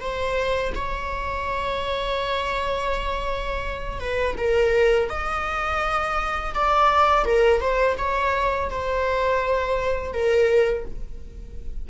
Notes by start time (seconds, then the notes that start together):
0.00 C5
0.75 C#5
3.99 B4
4.37 A#4
5.09 D#5
6.54 D5
7.25 A#4
7.60 C5
7.97 C#5
8.69 C5
10.12 A#4